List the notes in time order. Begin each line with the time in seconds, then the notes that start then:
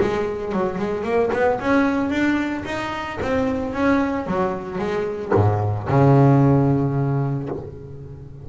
0.00 G#3
0.52 F#3
0.78 G#3
1.03 A#3
1.32 B3
1.59 C#4
2.10 D4
2.65 D#4
3.21 C4
3.73 C#4
4.27 F#3
4.78 G#3
5.34 G#2
5.88 C#3